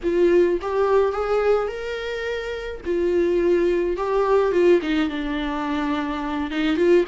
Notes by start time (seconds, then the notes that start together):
0.03 F4
0.61 G4
1.12 G#4
1.67 A#4
2.85 F4
3.96 G4
4.52 F4
4.81 D#4
5.09 D4
6.50 D#4
6.76 F4